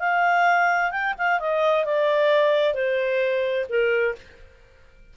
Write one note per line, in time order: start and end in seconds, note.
0.00 0.91 F5
0.91 1.14 G5
1.18 1.40 F5
1.40 1.85 D#5
1.85 2.74 D5
2.74 3.67 C5
3.69 4.16 A#4